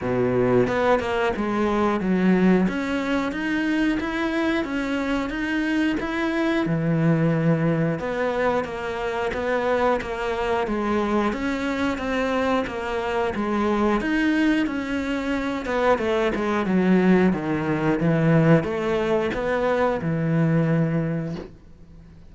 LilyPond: \new Staff \with { instrumentName = "cello" } { \time 4/4 \tempo 4 = 90 b,4 b8 ais8 gis4 fis4 | cis'4 dis'4 e'4 cis'4 | dis'4 e'4 e2 | b4 ais4 b4 ais4 |
gis4 cis'4 c'4 ais4 | gis4 dis'4 cis'4. b8 | a8 gis8 fis4 dis4 e4 | a4 b4 e2 | }